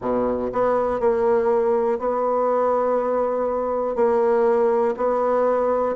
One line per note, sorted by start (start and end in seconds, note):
0.01 0.50 B2
0.52 0.99 B3
0.99 1.98 A#3
1.98 3.95 B3
3.95 4.94 A#3
4.96 5.95 B3